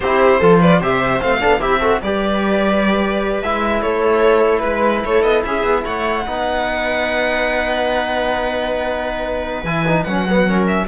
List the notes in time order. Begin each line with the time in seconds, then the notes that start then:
0.00 C4 E4 G4 C5
0.40 F3 F4 A4
0.59 B4 D5
0.78 C3 G4 C5 E5
1.20 A3 C4 F5
1.40 B3 D4 A4
1.59 C4 E4 G4 E5
1.80 F#4 A4
2.01 G3 G4 B4 D5
3.42 G#3 E4 E5
3.81 A3 A4 C#5
4.59 G#3 B4
4.66 B4
5.04 A3 A4 C#5
5.22 B3 D#5
5.44 C#4 G#4 E5
5.63 B3
5.84 A3 C#5 F#5
6.26 B3 D#4 B4
9.63 E3 E4 G#5
9.86 D#4
10.03 F#3 C#4 F#5
10.29 B3
10.47 C#4 A#4
10.67 E5